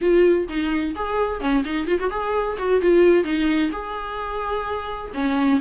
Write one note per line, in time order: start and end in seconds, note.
0.01 0.48 F4
0.48 0.94 D#4
0.95 1.40 G#4
1.40 1.63 C#4
1.64 1.87 D#4
1.87 1.99 F4
1.99 2.10 F#4
2.10 2.57 G#4
2.58 2.81 F#4
2.81 3.23 F4
3.23 3.70 D#4
3.71 5.11 G#4
5.14 5.60 C#4